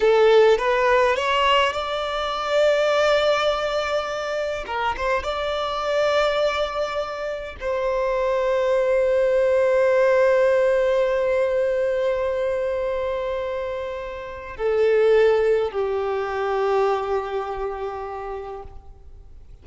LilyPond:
\new Staff \with { instrumentName = "violin" } { \time 4/4 \tempo 4 = 103 a'4 b'4 cis''4 d''4~ | d''1 | ais'8 c''8 d''2.~ | d''4 c''2.~ |
c''1~ | c''1~ | c''4 a'2 g'4~ | g'1 | }